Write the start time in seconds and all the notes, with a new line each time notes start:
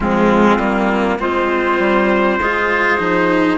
0.00 F3 G#3 C4 F4
0.57 G3 A#3
1.19 G#3 C4 F4 C5
1.79 G3
2.39 G#3 F4 G#4
2.98 F3 D#4